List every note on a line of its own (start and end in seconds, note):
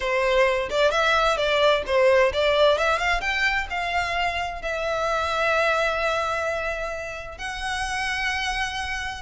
0.00 0.69 C5
0.69 0.91 D5
0.91 1.37 E5
1.37 1.83 D5
1.86 2.32 C5
2.33 2.78 D5
2.78 2.98 E5
2.98 3.21 F5
3.21 3.67 G5
3.70 4.62 F5
4.62 7.38 E5
7.38 9.22 F#5